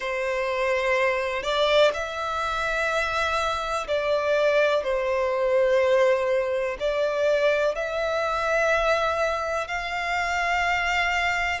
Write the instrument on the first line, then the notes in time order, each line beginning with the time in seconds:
violin
0.00 C5
1.43 D5
1.94 E5
3.87 D5
4.83 C5
6.79 D5
7.75 E5
9.67 F5